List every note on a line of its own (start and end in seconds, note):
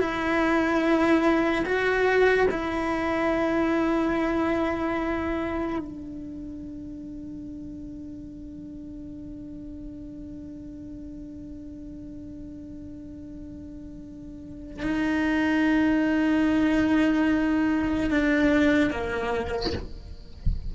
0.00 1.64 E4
1.66 2.48 F#4
2.51 5.79 E4
5.79 14.83 D4
14.83 18.10 D#4
18.10 18.91 D4
18.91 19.73 A#3